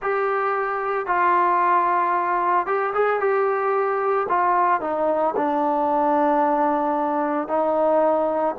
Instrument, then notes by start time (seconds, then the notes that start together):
trombone
0.02 G4
1.06 F4
2.66 G4
2.94 G#4
3.19 G4
4.29 F4
4.80 D#4
5.36 D4
7.48 D#4